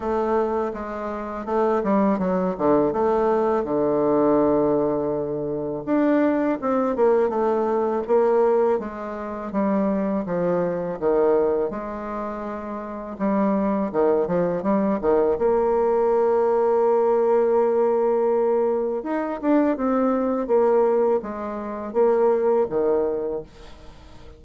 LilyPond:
\new Staff \with { instrumentName = "bassoon" } { \time 4/4 \tempo 4 = 82 a4 gis4 a8 g8 fis8 d8 | a4 d2. | d'4 c'8 ais8 a4 ais4 | gis4 g4 f4 dis4 |
gis2 g4 dis8 f8 | g8 dis8 ais2.~ | ais2 dis'8 d'8 c'4 | ais4 gis4 ais4 dis4 | }